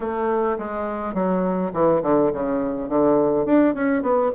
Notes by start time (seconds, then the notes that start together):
0.00 A3
0.58 G#3
1.14 F#3
1.73 E3
2.02 D3
2.32 C#3
2.88 D3
3.45 D4
3.74 C#4
4.02 B3